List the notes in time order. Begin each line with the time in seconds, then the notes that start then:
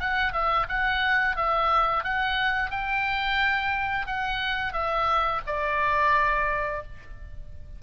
0.00 F#5
0.33 E5
0.68 F#5
1.36 E5
2.04 F#5
2.71 G5
4.07 F#5
4.73 E5
5.46 D5